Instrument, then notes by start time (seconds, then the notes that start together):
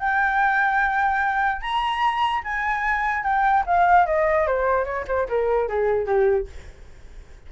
flute
0.00 G5
1.62 A#5
2.44 G#5
3.24 G5
3.67 F5
4.07 D#5
4.47 C5
4.85 C#5
5.08 C5
5.29 A#4
5.69 G#4
6.07 G4